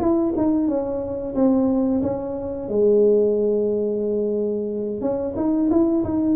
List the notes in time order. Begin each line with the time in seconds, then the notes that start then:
0.00 E4
0.37 D#4
0.68 C#4
1.35 C4
2.02 C#4
2.69 G#3
5.01 C#4
5.36 D#4
5.70 E4
6.04 D#4